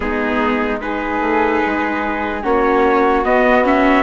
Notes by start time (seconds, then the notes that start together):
0.00 G#3 B3 D#4 G#4
0.80 D#4 G#4 B4
1.20 A3
1.66 G#3
2.42 A#3 C#4 F#4 C#5
3.24 B3 D#5
3.64 C#4 E5